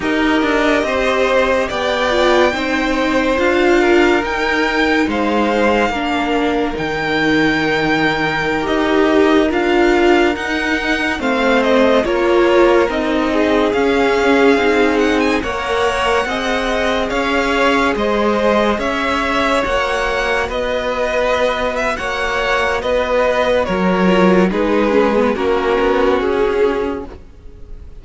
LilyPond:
<<
  \new Staff \with { instrumentName = "violin" } { \time 4/4 \tempo 4 = 71 dis''2 g''2 | f''4 g''4 f''2 | g''2~ g''16 dis''4 f''8.~ | f''16 fis''4 f''8 dis''8 cis''4 dis''8.~ |
dis''16 f''4. fis''16 gis''16 fis''4.~ fis''16~ | fis''16 f''4 dis''4 e''4 fis''8.~ | fis''16 dis''4. e''16 fis''4 dis''4 | cis''4 b'4 ais'4 gis'4 | }
  \new Staff \with { instrumentName = "violin" } { \time 4/4 ais'4 c''4 d''4 c''4~ | c''8 ais'4. c''4 ais'4~ | ais'1~ | ais'4~ ais'16 c''4 ais'4. gis'16~ |
gis'2~ gis'16 cis''4 dis''8.~ | dis''16 cis''4 c''4 cis''4.~ cis''16~ | cis''16 b'4.~ b'16 cis''4 b'4 | ais'4 gis'4 fis'2 | }
  \new Staff \with { instrumentName = "viola" } { \time 4/4 g'2~ g'8 f'8 dis'4 | f'4 dis'2 d'4 | dis'2~ dis'16 g'4 f'8.~ | f'16 dis'4 c'4 f'4 dis'8.~ |
dis'16 cis'4 dis'4 ais'4 gis'8.~ | gis'2.~ gis'16 fis'8.~ | fis'1~ | fis'8 f'8 dis'8 cis'16 b16 cis'2 | }
  \new Staff \with { instrumentName = "cello" } { \time 4/4 dis'8 d'8 c'4 b4 c'4 | d'4 dis'4 gis4 ais4 | dis2~ dis16 dis'4 d'8.~ | d'16 dis'4 a4 ais4 c'8.~ |
c'16 cis'4 c'4 ais4 c'8.~ | c'16 cis'4 gis4 cis'4 ais8.~ | ais16 b4.~ b16 ais4 b4 | fis4 gis4 ais8 b8 cis'4 | }
>>